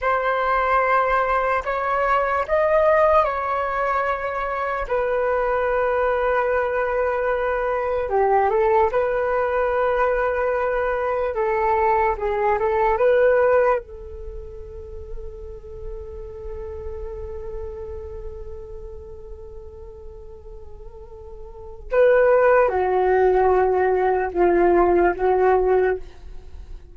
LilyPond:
\new Staff \with { instrumentName = "flute" } { \time 4/4 \tempo 4 = 74 c''2 cis''4 dis''4 | cis''2 b'2~ | b'2 g'8 a'8 b'4~ | b'2 a'4 gis'8 a'8 |
b'4 a'2.~ | a'1~ | a'2. b'4 | fis'2 f'4 fis'4 | }